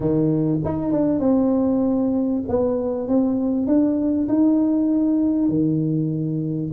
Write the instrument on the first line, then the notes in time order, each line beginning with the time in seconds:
tuba
0.00 D#3
0.64 D#4
0.92 D4
1.19 C4
2.48 B3
3.08 C4
3.66 D4
4.28 D#4
5.48 D#3